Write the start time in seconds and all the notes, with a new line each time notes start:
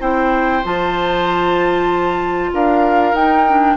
0.00 C4 E4 C5 G5
0.63 F3 F4 A5
2.52 D4 A#4 F5
3.12 D#4 G5
3.47 D4